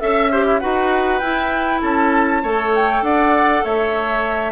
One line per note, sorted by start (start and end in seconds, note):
0.00 0.62 C#4
0.00 0.30 A4
0.00 0.59 E5
0.00 0.32 E5
0.32 0.60 G4
0.32 0.45 C5
0.45 0.60 E4
0.59 1.21 D#4
0.59 1.21 F#4
0.59 1.81 B4
0.59 1.19 F#5
1.19 1.82 E4
1.19 2.43 E4
1.19 1.79 G5
1.81 2.43 C#4
1.81 2.42 A4
1.81 2.73 A5
2.43 3.01 A3
2.43 4.52 A4
2.43 3.03 C#5
2.75 3.04 G5
3.01 3.62 D4
3.01 3.64 D5
3.01 3.64 F#5
3.64 4.52 A3
3.64 4.52 C#5
3.64 4.52 E5